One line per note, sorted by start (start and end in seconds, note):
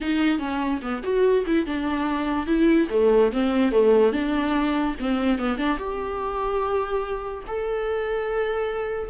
0.01 0.38 D#4
0.38 0.80 C#4
0.82 1.02 B3
1.03 1.44 F#4
1.46 1.66 E4
1.66 2.46 D4
2.46 2.87 E4
2.90 3.31 A3
3.32 3.71 C4
3.71 4.12 A3
4.12 4.95 D4
4.99 5.38 C4
5.38 5.57 B3
5.57 5.78 D4
5.78 7.43 G4
7.47 9.10 A4